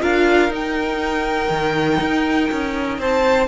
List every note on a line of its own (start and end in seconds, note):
0.00 0.49 D4
0.00 0.49 F4
0.00 2.98 A#4
0.00 0.52 F5
0.49 1.48 D#4
0.49 3.47 D#4
0.49 3.00 G5
1.49 1.99 D#3
2.00 2.50 D#4
2.51 2.98 C#4
2.98 3.48 C4
2.98 3.48 C5
2.98 3.48 A5